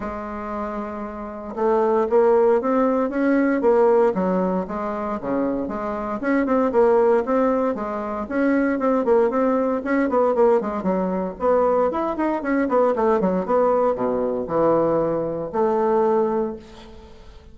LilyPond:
\new Staff \with { instrumentName = "bassoon" } { \time 4/4 \tempo 4 = 116 gis2. a4 | ais4 c'4 cis'4 ais4 | fis4 gis4 cis4 gis4 | cis'8 c'8 ais4 c'4 gis4 |
cis'4 c'8 ais8 c'4 cis'8 b8 | ais8 gis8 fis4 b4 e'8 dis'8 | cis'8 b8 a8 fis8 b4 b,4 | e2 a2 | }